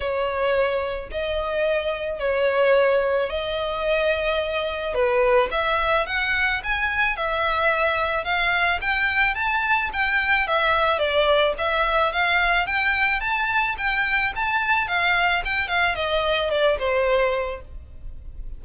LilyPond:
\new Staff \with { instrumentName = "violin" } { \time 4/4 \tempo 4 = 109 cis''2 dis''2 | cis''2 dis''2~ | dis''4 b'4 e''4 fis''4 | gis''4 e''2 f''4 |
g''4 a''4 g''4 e''4 | d''4 e''4 f''4 g''4 | a''4 g''4 a''4 f''4 | g''8 f''8 dis''4 d''8 c''4. | }